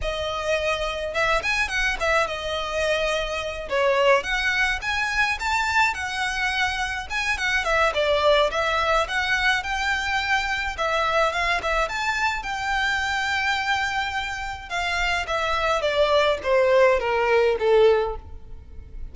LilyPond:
\new Staff \with { instrumentName = "violin" } { \time 4/4 \tempo 4 = 106 dis''2 e''8 gis''8 fis''8 e''8 | dis''2~ dis''8 cis''4 fis''8~ | fis''8 gis''4 a''4 fis''4.~ | fis''8 gis''8 fis''8 e''8 d''4 e''4 |
fis''4 g''2 e''4 | f''8 e''8 a''4 g''2~ | g''2 f''4 e''4 | d''4 c''4 ais'4 a'4 | }